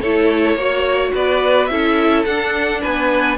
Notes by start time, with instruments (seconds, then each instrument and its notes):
0.00 cello A3, viola E4, violin A4 C#5
0.54 cello A#3, viola F#4, violin C#5
1.14 cello B3, violin B4 D5
1.66 cello C#4, viola E4, violin A4 E5
2.25 cello D4, viola D4, violin F#5
2.81 cello B3, violin B4 G#5